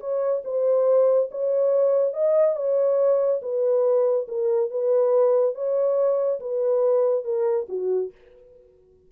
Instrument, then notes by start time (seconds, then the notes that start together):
horn
0.00 C#5
0.44 C5
1.31 C#5
2.14 D#5
2.56 C#5
3.42 B4
4.28 A#4
4.71 B4
5.55 C#5
6.40 B4
7.24 A#4
7.69 F#4